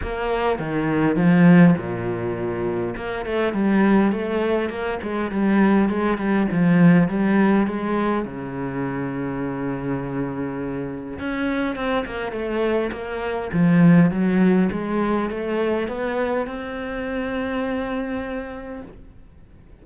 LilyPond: \new Staff \with { instrumentName = "cello" } { \time 4/4 \tempo 4 = 102 ais4 dis4 f4 ais,4~ | ais,4 ais8 a8 g4 a4 | ais8 gis8 g4 gis8 g8 f4 | g4 gis4 cis2~ |
cis2. cis'4 | c'8 ais8 a4 ais4 f4 | fis4 gis4 a4 b4 | c'1 | }